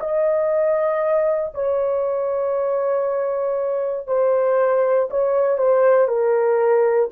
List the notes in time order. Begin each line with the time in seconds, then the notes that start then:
0.00 D#5
1.54 C#5
4.08 C5
5.11 C#5
5.58 C5
6.08 A#4